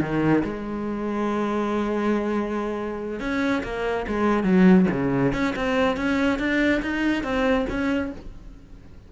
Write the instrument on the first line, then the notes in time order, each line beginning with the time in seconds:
cello
0.00 D#3
0.43 G#3
3.20 C#4
3.63 A#3
4.07 G#3
4.43 F#3
4.91 C#3
5.32 C#4
5.55 C4
5.96 C#4
6.38 D4
6.82 D#4
7.23 C4
7.69 C#4